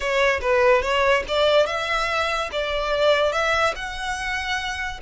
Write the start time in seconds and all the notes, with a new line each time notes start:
0.00 C#5
0.41 B4
0.82 C#5
1.28 D5
1.66 E5
2.52 D5
3.32 E5
3.75 F#5